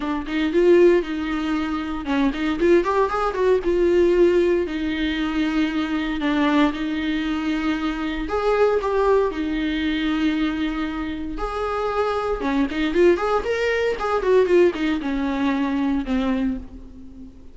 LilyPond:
\new Staff \with { instrumentName = "viola" } { \time 4/4 \tempo 4 = 116 d'8 dis'8 f'4 dis'2 | cis'8 dis'8 f'8 g'8 gis'8 fis'8 f'4~ | f'4 dis'2. | d'4 dis'2. |
gis'4 g'4 dis'2~ | dis'2 gis'2 | cis'8 dis'8 f'8 gis'8 ais'4 gis'8 fis'8 | f'8 dis'8 cis'2 c'4 | }